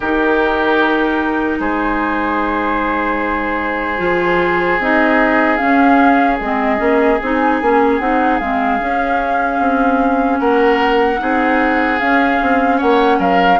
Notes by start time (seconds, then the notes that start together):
0.00 D#3 D#4 G4 A#4
1.59 G#3 G#4 C5
3.98 F3 F4
4.79 C4 D#4 D#5
5.57 C#4 F5
6.40 G#3 C4 D#5
6.77 A#3 C#4
7.20 C4 D#4 G#5
7.61 A#3 C#4
7.99 C4 D#4 F#5
8.39 G#3 C4 F5
8.79 C#4
9.59 C4
10.39 A#3 A#4 F#5
11.19 C4 D#4 G#4
11.99 C#4 F5
12.41 C4
12.77 A#3 C#5 F#5
13.18 F#3 A#4 F5